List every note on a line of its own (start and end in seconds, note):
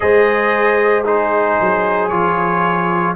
0.00 1.59 G#3
0.00 1.04 G#4
0.00 1.05 C5
0.00 1.03 D#5
1.04 2.09 D#4
1.04 3.15 G#4
1.04 2.08 C5
1.59 2.12 F#3
2.08 3.15 F3
2.08 3.15 F4
2.08 3.13 C#5